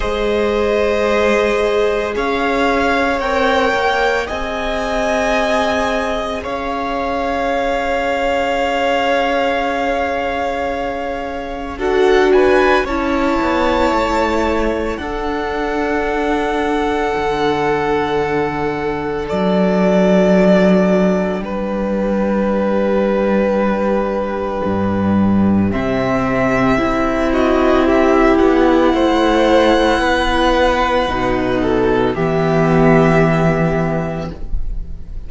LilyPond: <<
  \new Staff \with { instrumentName = "violin" } { \time 4/4 \tempo 4 = 56 dis''2 f''4 g''4 | gis''2 f''2~ | f''2. fis''8 gis''8 | a''2 fis''2~ |
fis''2 d''2 | b'1 | e''4. dis''8 e''8 fis''4.~ | fis''2 e''2 | }
  \new Staff \with { instrumentName = "violin" } { \time 4/4 c''2 cis''2 | dis''2 cis''2~ | cis''2. a'8 b'8 | cis''2 a'2~ |
a'1 | g'1~ | g'4. fis'8 g'4 c''4 | b'4. a'8 g'2 | }
  \new Staff \with { instrumentName = "viola" } { \time 4/4 gis'2. ais'4 | gis'1~ | gis'2. fis'4 | e'2 d'2~ |
d'1~ | d'1 | c'4 e'2.~ | e'4 dis'4 b2 | }
  \new Staff \with { instrumentName = "cello" } { \time 4/4 gis2 cis'4 c'8 ais8 | c'2 cis'2~ | cis'2. d'4 | cis'8 b8 a4 d'2 |
d2 fis2 | g2. g,4 | c4 c'4. b8 a4 | b4 b,4 e2 | }
>>